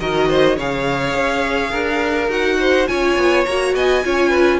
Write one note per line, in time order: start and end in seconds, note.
0.00 0.57 D#3
0.00 0.58 F#4
0.00 0.28 A#4
0.00 0.58 D#5
0.28 0.56 C5
0.56 1.14 C#3
0.56 2.29 G#4
0.56 1.71 C#5
0.56 2.31 F5
1.14 1.72 C#4
1.71 2.28 D4
1.71 2.57 A#4
2.28 2.85 D#4
2.28 2.87 F#4
2.28 2.87 F#5
2.59 2.88 C5
2.87 3.17 C#4
2.87 3.45 F4
2.87 3.75 C#5
2.87 3.45 G#5
3.17 3.46 B3
3.45 3.74 A#3
3.45 4.04 F#4
3.45 3.74 A#5
3.74 4.03 B3
3.74 4.03 D#5
3.74 4.60 G#5
4.04 4.60 C#4
4.04 4.60 F4
4.04 4.29 C#5
4.29 4.58 B4